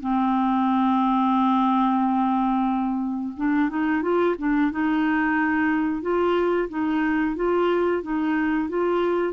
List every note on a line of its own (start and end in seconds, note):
0.00 3.33 C4
3.36 3.69 D4
3.69 4.02 D#4
4.02 4.35 F4
4.38 4.72 D4
4.72 6.02 D#4
6.02 6.68 F4
6.69 7.36 D#4
7.36 8.03 F4
8.03 8.69 D#4
8.69 9.33 F4